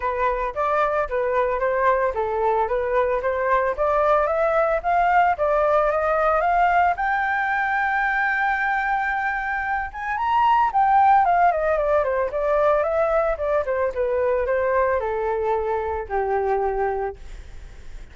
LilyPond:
\new Staff \with { instrumentName = "flute" } { \time 4/4 \tempo 4 = 112 b'4 d''4 b'4 c''4 | a'4 b'4 c''4 d''4 | e''4 f''4 d''4 dis''4 | f''4 g''2.~ |
g''2~ g''8 gis''8 ais''4 | g''4 f''8 dis''8 d''8 c''8 d''4 | e''4 d''8 c''8 b'4 c''4 | a'2 g'2 | }